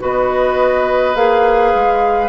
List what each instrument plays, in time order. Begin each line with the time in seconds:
0.00 bassoon B3, clarinet F#4, oboe B4, flute D#5
1.15 bassoon A#3, clarinet G#4, flute F5
1.75 bassoon G#3